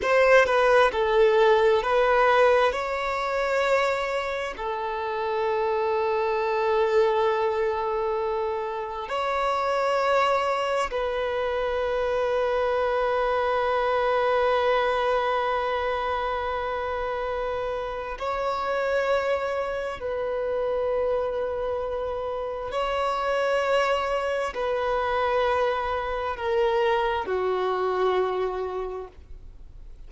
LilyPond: \new Staff \with { instrumentName = "violin" } { \time 4/4 \tempo 4 = 66 c''8 b'8 a'4 b'4 cis''4~ | cis''4 a'2.~ | a'2 cis''2 | b'1~ |
b'1 | cis''2 b'2~ | b'4 cis''2 b'4~ | b'4 ais'4 fis'2 | }